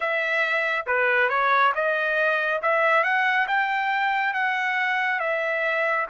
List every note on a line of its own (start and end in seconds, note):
0.00 0.86 E5
0.86 1.29 B4
1.29 1.72 C#5
1.74 2.61 D#5
2.62 3.03 E5
3.03 3.47 F#5
3.47 4.33 G5
4.33 5.19 F#5
5.19 6.06 E5